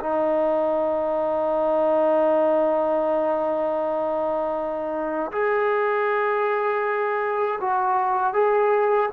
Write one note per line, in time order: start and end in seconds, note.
0.00 5.32 D#4
5.32 7.60 G#4
7.61 8.33 F#4
8.33 9.09 G#4